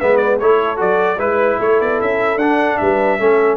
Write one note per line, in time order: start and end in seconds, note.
0.00 0.41 G#3
0.00 0.41 B3
0.00 0.40 B4
0.00 0.17 E5
0.17 0.37 D5
0.40 0.81 A3
0.40 0.77 E4
0.40 1.18 A4
0.40 0.80 C#5
0.77 1.18 F#3
0.77 1.17 F#4
0.77 1.19 D5
1.18 1.58 G#3
1.18 2.38 E4
1.18 1.58 B4
1.18 1.59 B4
1.59 1.80 A3
1.59 2.79 A4
1.59 1.81 C#5
1.80 2.00 B3
1.80 2.01 D5
2.01 2.36 C#4
2.01 2.38 E5
2.36 2.76 D4
2.36 3.20 D4
2.36 2.78 F#5
2.78 3.20 G3
2.78 3.20 B4
2.78 3.57 E5
3.20 3.57 A3
3.20 3.57 C#4
3.20 3.57 A4